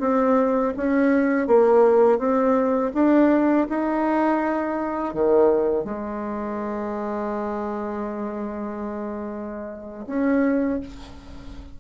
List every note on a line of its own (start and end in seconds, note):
0.00 0.73 C4
0.77 1.47 C#4
1.47 2.19 A#3
2.19 2.92 C4
2.94 3.67 D4
3.69 5.14 D#4
5.14 5.84 D#3
5.84 10.05 G#3
10.07 10.80 C#4